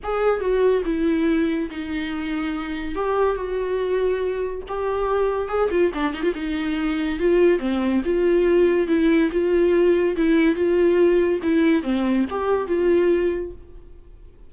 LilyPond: \new Staff \with { instrumentName = "viola" } { \time 4/4 \tempo 4 = 142 gis'4 fis'4 e'2 | dis'2. g'4 | fis'2. g'4~ | g'4 gis'8 f'8 d'8 dis'16 f'16 dis'4~ |
dis'4 f'4 c'4 f'4~ | f'4 e'4 f'2 | e'4 f'2 e'4 | c'4 g'4 f'2 | }